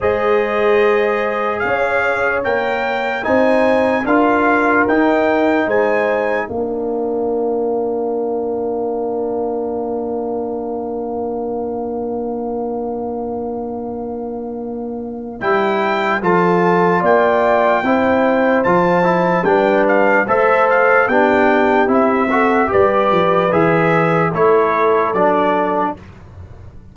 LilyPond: <<
  \new Staff \with { instrumentName = "trumpet" } { \time 4/4 \tempo 4 = 74 dis''2 f''4 g''4 | gis''4 f''4 g''4 gis''4 | f''1~ | f''1~ |
f''2. g''4 | a''4 g''2 a''4 | g''8 f''8 e''8 f''8 g''4 e''4 | d''4 e''4 cis''4 d''4 | }
  \new Staff \with { instrumentName = "horn" } { \time 4/4 c''2 cis''2 | c''4 ais'2 c''4 | ais'1~ | ais'1~ |
ais'1 | a'4 d''4 c''2 | b'4 c''4 g'4. a'8 | b'2 a'2 | }
  \new Staff \with { instrumentName = "trombone" } { \time 4/4 gis'2. ais'4 | dis'4 f'4 dis'2 | d'1~ | d'1~ |
d'2. e'4 | f'2 e'4 f'8 e'8 | d'4 a'4 d'4 e'8 fis'8 | g'4 gis'4 e'4 d'4 | }
  \new Staff \with { instrumentName = "tuba" } { \time 4/4 gis2 cis'4 ais4 | c'4 d'4 dis'4 gis4 | ais1~ | ais1~ |
ais2. g4 | f4 ais4 c'4 f4 | g4 a4 b4 c'4 | g8 f8 e4 a4 fis4 | }
>>